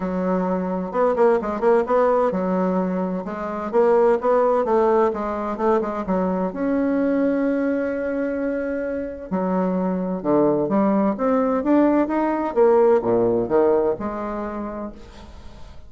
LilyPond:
\new Staff \with { instrumentName = "bassoon" } { \time 4/4 \tempo 4 = 129 fis2 b8 ais8 gis8 ais8 | b4 fis2 gis4 | ais4 b4 a4 gis4 | a8 gis8 fis4 cis'2~ |
cis'1 | fis2 d4 g4 | c'4 d'4 dis'4 ais4 | ais,4 dis4 gis2 | }